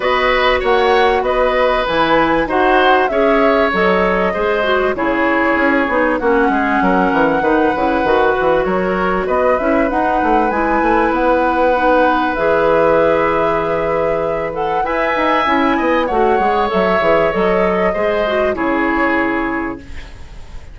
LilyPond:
<<
  \new Staff \with { instrumentName = "flute" } { \time 4/4 \tempo 4 = 97 dis''4 fis''4 dis''4 gis''4 | fis''4 e''4 dis''2 | cis''2 fis''2~ | fis''2 cis''4 dis''8 e''8 |
fis''4 gis''4 fis''2 | e''2.~ e''8 fis''8 | gis''2 fis''4 e''4 | dis''2 cis''2 | }
  \new Staff \with { instrumentName = "oboe" } { \time 4/4 b'4 cis''4 b'2 | c''4 cis''2 c''4 | gis'2 fis'8 gis'8 ais'4 | b'2 ais'4 b'4~ |
b'1~ | b'1 | e''4. dis''8 cis''2~ | cis''4 c''4 gis'2 | }
  \new Staff \with { instrumentName = "clarinet" } { \time 4/4 fis'2. e'4 | fis'4 gis'4 a'4 gis'8 fis'8 | e'4. dis'8 cis'2 | dis'8 e'8 fis'2~ fis'8 e'8 |
dis'4 e'2 dis'4 | gis'2.~ gis'8 a'8 | b'4 e'4 fis'8 gis'8 a'8 gis'8 | a'4 gis'8 fis'8 e'2 | }
  \new Staff \with { instrumentName = "bassoon" } { \time 4/4 b4 ais4 b4 e4 | dis'4 cis'4 fis4 gis4 | cis4 cis'8 b8 ais8 gis8 fis8 e8 | dis8 cis8 dis8 e8 fis4 b8 cis'8 |
dis'8 a8 gis8 a8 b2 | e1 | e'8 dis'8 cis'8 b8 a8 gis8 fis8 e8 | fis4 gis4 cis2 | }
>>